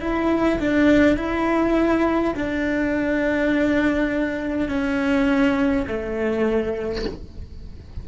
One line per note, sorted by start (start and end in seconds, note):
0.00 0.59 E4
0.59 1.17 D4
1.17 2.34 E4
2.35 4.68 D4
4.68 5.86 C#4
5.87 7.05 A3